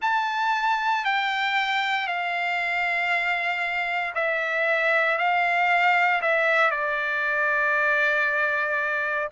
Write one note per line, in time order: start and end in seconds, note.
0.01 1.04 A5
1.04 2.07 G5
2.07 4.14 F5
4.14 5.17 E5
5.17 6.21 F5
6.21 6.70 E5
6.70 9.29 D5